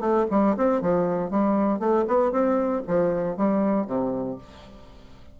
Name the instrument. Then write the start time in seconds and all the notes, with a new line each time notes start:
bassoon
0.00 A3
0.30 G3
0.57 C4
0.81 F3
1.30 G3
1.79 A3
2.08 B3
2.31 C4
2.87 F3
3.37 G3
3.87 C3